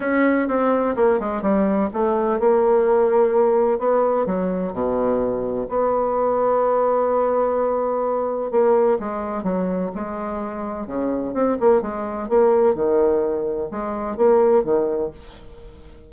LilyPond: \new Staff \with { instrumentName = "bassoon" } { \time 4/4 \tempo 4 = 127 cis'4 c'4 ais8 gis8 g4 | a4 ais2. | b4 fis4 b,2 | b1~ |
b2 ais4 gis4 | fis4 gis2 cis4 | c'8 ais8 gis4 ais4 dis4~ | dis4 gis4 ais4 dis4 | }